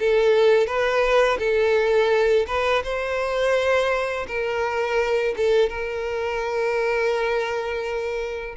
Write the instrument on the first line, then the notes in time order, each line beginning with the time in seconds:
violin
0.00 A4
0.67 B4
1.39 A4
2.47 B4
2.84 C5
4.28 A#4
5.37 A4
5.70 A#4